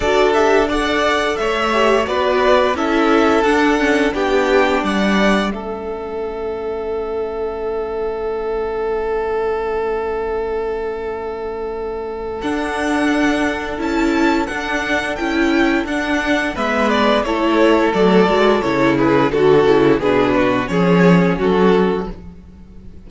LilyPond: <<
  \new Staff \with { instrumentName = "violin" } { \time 4/4 \tempo 4 = 87 d''8 e''8 fis''4 e''4 d''4 | e''4 fis''4 g''4 fis''4 | e''1~ | e''1~ |
e''2 fis''2 | a''4 fis''4 g''4 fis''4 | e''8 d''8 cis''4 d''4 cis''8 b'8 | a'4 b'4 cis''4 a'4 | }
  \new Staff \with { instrumentName = "violin" } { \time 4/4 a'4 d''4 cis''4 b'4 | a'2 g'4 d''4 | a'1~ | a'1~ |
a'1~ | a'1 | b'4 a'2~ a'8 gis'8 | fis'4 gis'8 fis'8 gis'4 fis'4 | }
  \new Staff \with { instrumentName = "viola" } { \time 4/4 fis'8 g'8 a'4. g'8 fis'4 | e'4 d'8 cis'8 d'2 | cis'1~ | cis'1~ |
cis'2 d'2 | e'4 d'4 e'4 d'4 | b4 e'4 a8 fis'8 e'4 | fis'8 e'8 d'4 cis'2 | }
  \new Staff \with { instrumentName = "cello" } { \time 4/4 d'2 a4 b4 | cis'4 d'4 b4 g4 | a1~ | a1~ |
a2 d'2 | cis'4 d'4 cis'4 d'4 | gis4 a4 fis8 gis8 cis4 | d8 cis8 b,4 f4 fis4 | }
>>